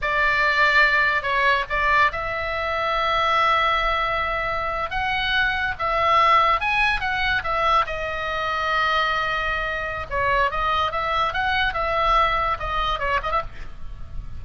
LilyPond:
\new Staff \with { instrumentName = "oboe" } { \time 4/4 \tempo 4 = 143 d''2. cis''4 | d''4 e''2.~ | e''2.~ e''8. fis''16~ | fis''4.~ fis''16 e''2 gis''16~ |
gis''8. fis''4 e''4 dis''4~ dis''16~ | dis''1 | cis''4 dis''4 e''4 fis''4 | e''2 dis''4 cis''8 dis''16 e''16 | }